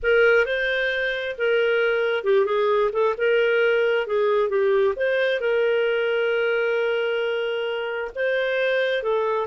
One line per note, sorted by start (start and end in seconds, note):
0.02 0.45 A#4
0.45 1.36 C5
1.37 2.24 A#4
2.24 2.45 G4
2.45 2.90 G#4
2.92 3.15 A4
3.17 4.06 A#4
4.06 4.49 G#4
4.49 4.94 G4
4.95 5.40 C5
5.40 8.11 A#4
8.15 9.02 C5
9.02 9.47 A4